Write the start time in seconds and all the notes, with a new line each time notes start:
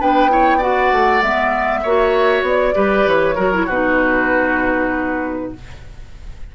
0.00 B3 D4 B4 G5
0.29 E4 C#5
0.58 F#4 D5 F#5
0.92 A3
1.22 G#3 B3 E5
1.83 A#3 F#4 C#5
2.42 B3 D5
2.74 G3 G4 B4
3.07 E3 C#5
3.36 F#3 F#4 A#4
3.53 E4
3.66 B2 D#4 F#4 B4